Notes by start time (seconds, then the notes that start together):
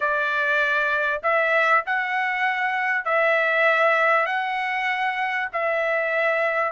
0.00 D5
1.22 E5
1.85 F#5
3.04 E5
4.26 F#5
5.52 E5